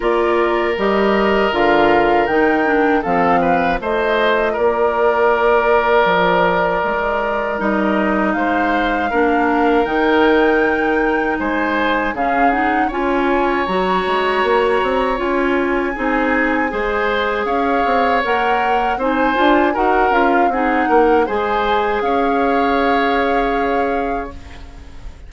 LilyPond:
<<
  \new Staff \with { instrumentName = "flute" } { \time 4/4 \tempo 4 = 79 d''4 dis''4 f''4 g''4 | f''4 dis''4 d''2~ | d''2 dis''4 f''4~ | f''4 g''2 gis''4 |
f''8 fis''8 gis''4 ais''2 | gis''2. f''4 | fis''4 gis''4 fis''8 f''8 fis''4 | gis''4 f''2. | }
  \new Staff \with { instrumentName = "oboe" } { \time 4/4 ais'1 | a'8 b'8 c''4 ais'2~ | ais'2. c''4 | ais'2. c''4 |
gis'4 cis''2.~ | cis''4 gis'4 c''4 cis''4~ | cis''4 c''4 ais'4 gis'8 ais'8 | c''4 cis''2. | }
  \new Staff \with { instrumentName = "clarinet" } { \time 4/4 f'4 g'4 f'4 dis'8 d'8 | c'4 f'2.~ | f'2 dis'2 | d'4 dis'2. |
cis'8 dis'8 f'4 fis'2 | f'4 dis'4 gis'2 | ais'4 dis'8 f'8 fis'8 f'8 dis'4 | gis'1 | }
  \new Staff \with { instrumentName = "bassoon" } { \time 4/4 ais4 g4 d4 dis4 | f4 a4 ais2 | f4 gis4 g4 gis4 | ais4 dis2 gis4 |
cis4 cis'4 fis8 gis8 ais8 c'8 | cis'4 c'4 gis4 cis'8 c'8 | ais4 c'8 d'8 dis'8 cis'8 c'8 ais8 | gis4 cis'2. | }
>>